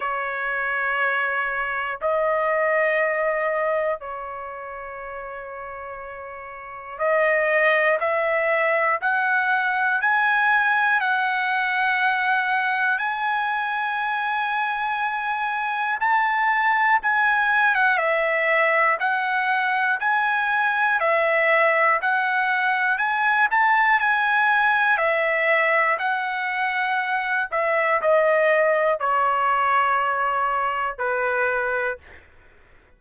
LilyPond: \new Staff \with { instrumentName = "trumpet" } { \time 4/4 \tempo 4 = 60 cis''2 dis''2 | cis''2. dis''4 | e''4 fis''4 gis''4 fis''4~ | fis''4 gis''2. |
a''4 gis''8. fis''16 e''4 fis''4 | gis''4 e''4 fis''4 gis''8 a''8 | gis''4 e''4 fis''4. e''8 | dis''4 cis''2 b'4 | }